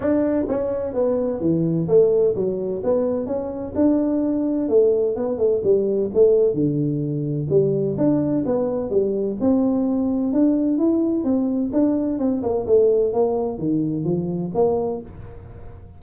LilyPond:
\new Staff \with { instrumentName = "tuba" } { \time 4/4 \tempo 4 = 128 d'4 cis'4 b4 e4 | a4 fis4 b4 cis'4 | d'2 a4 b8 a8 | g4 a4 d2 |
g4 d'4 b4 g4 | c'2 d'4 e'4 | c'4 d'4 c'8 ais8 a4 | ais4 dis4 f4 ais4 | }